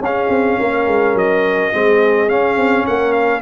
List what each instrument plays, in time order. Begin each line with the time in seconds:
0.00 tuba C#4, horn G#4, trumpet F5
0.06 trombone C#4
0.29 tuba C4
0.59 tuba A#3, horn A#4
0.87 tuba G#3
1.15 tuba F#3, trumpet D#5
1.72 tuba G#3, trombone C4, horn G#4
2.28 tuba C#4, trombone C#4, trumpet F5
2.57 tuba C4
2.86 tuba A#3, horn A#4, trumpet F#5
3.13 trumpet F5